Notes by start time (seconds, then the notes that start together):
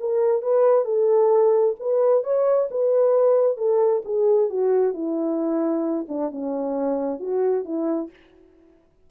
0.00 A#4
0.42 B4
0.85 A4
1.79 B4
2.24 C#5
2.71 B4
3.57 A4
4.05 G#4
4.50 F#4
4.94 E4
6.08 D4
6.31 C#4
7.20 F#4
7.65 E4